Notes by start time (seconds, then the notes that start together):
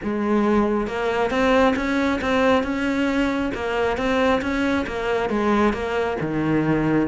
0.03 G#3
0.87 A#3
1.30 C4
1.75 C#4
2.21 C4
2.63 C#4
3.54 A#3
3.97 C4
4.41 C#4
4.86 A#3
5.29 G#3
5.73 A#3
6.20 D#3